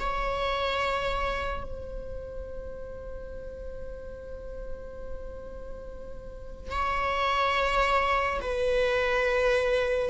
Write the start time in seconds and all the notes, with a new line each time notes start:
0.00 C#5
1.64 C5
6.72 C#5
8.42 B4